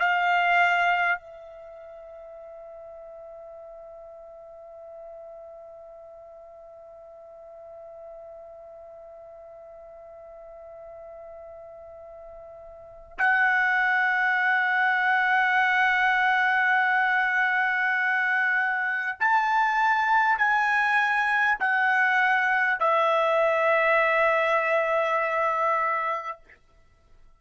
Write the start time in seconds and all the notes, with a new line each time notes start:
0.00 F5
1.19 E5
13.19 F#5
19.21 A5
20.39 G#5
21.60 F#5
22.80 E5